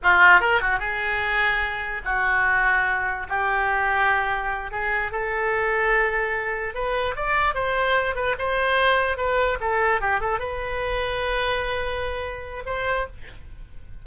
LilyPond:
\new Staff \with { instrumentName = "oboe" } { \time 4/4 \tempo 4 = 147 f'4 ais'8 fis'8 gis'2~ | gis'4 fis'2. | g'2.~ g'8 gis'8~ | gis'8 a'2.~ a'8~ |
a'8 b'4 d''4 c''4. | b'8 c''2 b'4 a'8~ | a'8 g'8 a'8 b'2~ b'8~ | b'2. c''4 | }